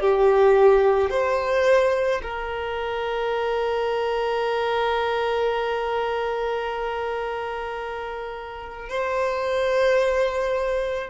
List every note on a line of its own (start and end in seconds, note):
0.00 1.11 G4
1.11 2.22 C5
2.23 8.89 A#4
8.89 11.10 C5